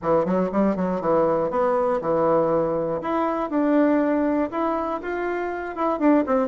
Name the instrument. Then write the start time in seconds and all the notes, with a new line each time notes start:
bassoon
0.01 E3
0.25 F#3
0.52 G3
0.75 F#3
1.00 E3
1.50 B3
2.01 E3
3.01 E4
3.50 D4
4.50 E4
5.02 F4
5.75 E4
5.99 D4
6.26 C4